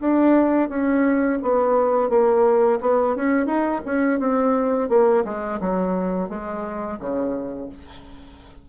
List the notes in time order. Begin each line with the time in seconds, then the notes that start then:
0.00 D4
0.69 C#4
1.42 B3
2.10 A#3
2.81 B3
3.16 C#4
3.46 D#4
3.86 C#4
4.20 C4
4.89 A#3
5.25 G#3
5.60 F#3
6.29 G#3
6.99 C#3